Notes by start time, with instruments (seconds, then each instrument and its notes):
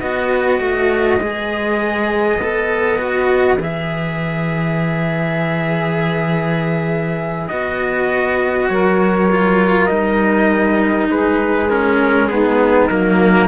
0.00 cello B3 F#4, saxophone B4, trumpet D#5
0.59 cello A3
1.21 cello G#3 G#4
2.38 cello B3 A4
2.98 cello F#4
3.58 cello E3 G#4, trumpet E5
7.48 cello B3 F#4, trumpet D#5
8.69 cello F#3, saxophone A#4, trumpet C#5
9.31 cello F4
9.86 cello G3 D#4, trumpet D#5
11.09 cello G#3, saxophone G#4, trumpet B4
11.70 cello C#4, trumpet A#4
12.28 cello B3, saxophone D#4, trumpet G#4
12.89 cello F#3 A#3, trumpet A#4